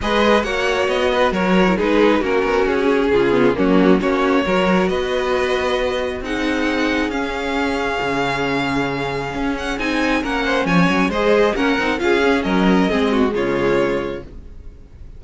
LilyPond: <<
  \new Staff \with { instrumentName = "violin" } { \time 4/4 \tempo 4 = 135 dis''4 fis''4 dis''4 cis''4 | b'4 ais'4 gis'2 | fis'4 cis''2 dis''4~ | dis''2 fis''2 |
f''1~ | f''4. fis''8 gis''4 fis''4 | gis''4 dis''4 fis''4 f''4 | dis''2 cis''2 | }
  \new Staff \with { instrumentName = "violin" } { \time 4/4 b'4 cis''4. b'8 ais'4 | gis'4 fis'2 f'4 | cis'4 fis'4 ais'4 b'4~ | b'2 gis'2~ |
gis'1~ | gis'2. ais'8 c''8 | cis''4 c''4 ais'4 gis'4 | ais'4 gis'8 fis'8 f'2 | }
  \new Staff \with { instrumentName = "viola" } { \time 4/4 gis'4 fis'2~ fis'8. e'16 | dis'4 cis'2~ cis'8 b8 | ais4 cis'4 fis'2~ | fis'2 dis'2 |
cis'1~ | cis'2 dis'4 cis'4~ | cis'4 gis'4 cis'8 dis'8 f'8 cis'8~ | cis'4 c'4 gis2 | }
  \new Staff \with { instrumentName = "cello" } { \time 4/4 gis4 ais4 b4 fis4 | gis4 ais8 b8 cis'4 cis4 | fis4 ais4 fis4 b4~ | b2 c'2 |
cis'2 cis2~ | cis4 cis'4 c'4 ais4 | f8 fis8 gis4 ais8 c'8 cis'4 | fis4 gis4 cis2 | }
>>